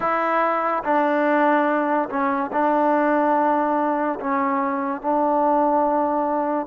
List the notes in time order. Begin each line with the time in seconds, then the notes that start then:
0.00 E4
0.83 D4
2.09 C#4
2.52 D4
4.19 C#4
5.01 D4